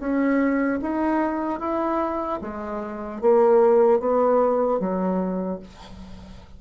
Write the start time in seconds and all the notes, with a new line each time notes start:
0.00 C#4
0.82 D#4
1.60 E4
2.41 G#3
3.21 A#3
4.00 B3
4.80 F#3